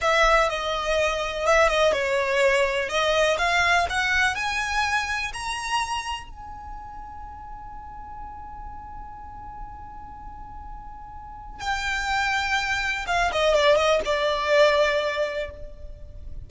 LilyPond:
\new Staff \with { instrumentName = "violin" } { \time 4/4 \tempo 4 = 124 e''4 dis''2 e''8 dis''8 | cis''2 dis''4 f''4 | fis''4 gis''2 ais''4~ | ais''4 gis''2.~ |
gis''1~ | gis''1 | g''2. f''8 dis''8 | d''8 dis''8 d''2. | }